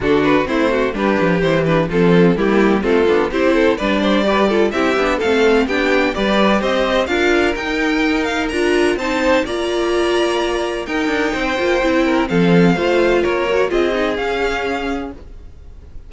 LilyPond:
<<
  \new Staff \with { instrumentName = "violin" } { \time 4/4 \tempo 4 = 127 a'8 b'8 c''4 b'4 c''8 b'8 | a'4 g'4 a'4 c''4 | d''2 e''4 f''4 | g''4 d''4 dis''4 f''4 |
g''4. f''8 ais''4 a''4 | ais''2. g''4~ | g''2 f''2 | cis''4 dis''4 f''2 | }
  \new Staff \with { instrumentName = "violin" } { \time 4/4 fis'4 e'8 fis'8 g'2 | f'4 e'4 f'4 g'8 a'8 | b'8 c''8 b'8 a'8 g'4 a'4 | g'4 b'4 c''4 ais'4~ |
ais'2. c''4 | d''2. ais'4 | c''4. ais'8 a'4 c''4 | ais'4 gis'2. | }
  \new Staff \with { instrumentName = "viola" } { \time 4/4 d'4 c'4 d'4 e'8 d'8 | c'4 ais4 c'8 d'8 e'4 | d'4 g'8 f'8 e'8 d'8 c'4 | d'4 g'2 f'4 |
dis'2 f'4 dis'4 | f'2. dis'4~ | dis'8 f'8 e'4 c'4 f'4~ | f'8 fis'8 f'8 dis'8 cis'2 | }
  \new Staff \with { instrumentName = "cello" } { \time 4/4 d4 a4 g8 f8 e4 | f4 g4 a8 b8 c'4 | g2 c'8 b8 a4 | b4 g4 c'4 d'4 |
dis'2 d'4 c'4 | ais2. dis'8 d'8 | c'8 ais8 c'4 f4 a4 | ais4 c'4 cis'2 | }
>>